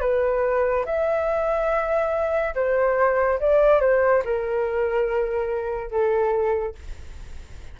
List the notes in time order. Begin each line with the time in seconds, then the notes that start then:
0.00 B4
0.85 E5
2.55 C5
3.40 D5
3.80 C5
4.24 A#4
5.90 A4